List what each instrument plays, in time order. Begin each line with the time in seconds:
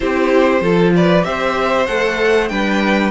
0.00 cello C4, viola E4, violin G4 C5
0.61 cello F3, viola F4, violin A4
0.95 violin B4 D5
1.23 cello C4, viola G4, violin C5 E5
1.86 cello A3, viola A4, violin F#5
2.48 cello G3, viola D4, violin B4 G5